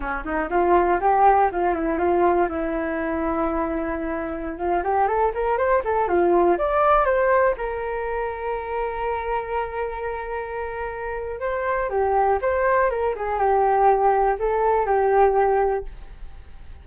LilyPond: \new Staff \with { instrumentName = "flute" } { \time 4/4 \tempo 4 = 121 cis'8 dis'8 f'4 g'4 f'8 e'8 | f'4 e'2.~ | e'4~ e'16 f'8 g'8 a'8 ais'8 c''8 a'16~ | a'16 f'4 d''4 c''4 ais'8.~ |
ais'1~ | ais'2. c''4 | g'4 c''4 ais'8 gis'8 g'4~ | g'4 a'4 g'2 | }